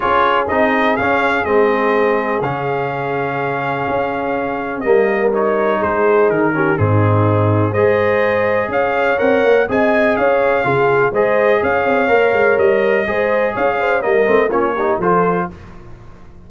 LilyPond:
<<
  \new Staff \with { instrumentName = "trumpet" } { \time 4/4 \tempo 4 = 124 cis''4 dis''4 f''4 dis''4~ | dis''4 f''2.~ | f''2 dis''4 cis''4 | c''4 ais'4 gis'2 |
dis''2 f''4 fis''4 | gis''4 f''2 dis''4 | f''2 dis''2 | f''4 dis''4 cis''4 c''4 | }
  \new Staff \with { instrumentName = "horn" } { \time 4/4 gis'1~ | gis'1~ | gis'2 ais'2 | gis'4. g'8 dis'2 |
c''2 cis''2 | dis''4 cis''4 gis'4 c''4 | cis''2. c''4 | cis''8 c''8 ais'4 f'8 g'8 a'4 | }
  \new Staff \with { instrumentName = "trombone" } { \time 4/4 f'4 dis'4 cis'4 c'4~ | c'4 cis'2.~ | cis'2 ais4 dis'4~ | dis'4. cis'8 c'2 |
gis'2. ais'4 | gis'2 f'4 gis'4~ | gis'4 ais'2 gis'4~ | gis'4 ais8 c'8 cis'8 dis'8 f'4 | }
  \new Staff \with { instrumentName = "tuba" } { \time 4/4 cis'4 c'4 cis'4 gis4~ | gis4 cis2. | cis'2 g2 | gis4 dis4 gis,2 |
gis2 cis'4 c'8 ais8 | c'4 cis'4 cis4 gis4 | cis'8 c'8 ais8 gis8 g4 gis4 | cis'4 g8 a8 ais4 f4 | }
>>